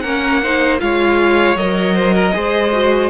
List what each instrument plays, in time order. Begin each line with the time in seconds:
0.00 cello A#3, viola C#4, violin A#4 F#5
0.42 viola D#4, violin C5
0.79 cello G#3, viola F4, violin C#5 F5
1.56 cello F#3, viola A#4, violin D#5
1.94 violin C5
2.15 violin A#4
2.32 cello G#3, viola G#4, violin C5
2.72 viola F#4